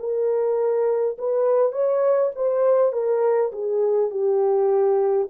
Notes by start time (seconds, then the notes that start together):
0.00 A#4
1.19 B4
1.73 C#5
2.36 C5
2.93 A#4
3.53 G#4
4.11 G4